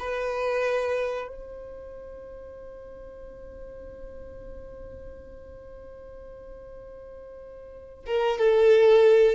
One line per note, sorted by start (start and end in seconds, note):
0.00 1.28 B4
1.28 8.06 C5
8.07 8.39 A#4
8.39 9.36 A4